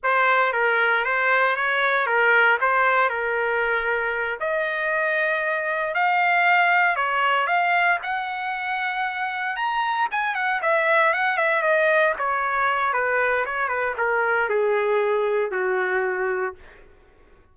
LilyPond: \new Staff \with { instrumentName = "trumpet" } { \time 4/4 \tempo 4 = 116 c''4 ais'4 c''4 cis''4 | ais'4 c''4 ais'2~ | ais'8 dis''2. f''8~ | f''4. cis''4 f''4 fis''8~ |
fis''2~ fis''8 ais''4 gis''8 | fis''8 e''4 fis''8 e''8 dis''4 cis''8~ | cis''4 b'4 cis''8 b'8 ais'4 | gis'2 fis'2 | }